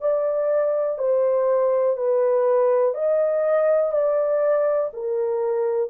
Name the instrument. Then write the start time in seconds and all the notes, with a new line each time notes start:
horn
0.00 D5
0.98 C5
1.97 B4
2.94 D#5
3.92 D5
4.93 A#4